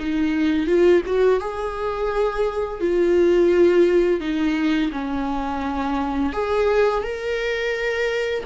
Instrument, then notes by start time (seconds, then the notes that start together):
viola
0.00 D#4
0.67 F4
1.06 F#4
1.41 G#4
2.81 F4
4.21 D#4
4.92 C#4
6.33 G#4
7.03 A#4